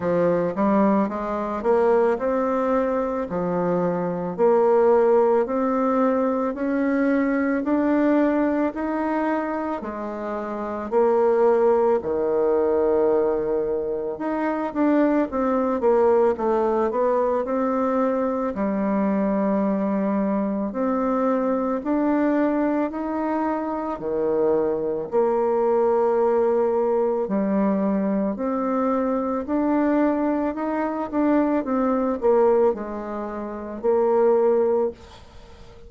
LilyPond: \new Staff \with { instrumentName = "bassoon" } { \time 4/4 \tempo 4 = 55 f8 g8 gis8 ais8 c'4 f4 | ais4 c'4 cis'4 d'4 | dis'4 gis4 ais4 dis4~ | dis4 dis'8 d'8 c'8 ais8 a8 b8 |
c'4 g2 c'4 | d'4 dis'4 dis4 ais4~ | ais4 g4 c'4 d'4 | dis'8 d'8 c'8 ais8 gis4 ais4 | }